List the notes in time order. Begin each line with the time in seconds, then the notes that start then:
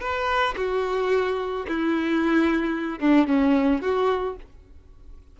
0.00 B4
0.57 F#4
1.68 E4
3.00 D4
3.27 C#4
3.81 F#4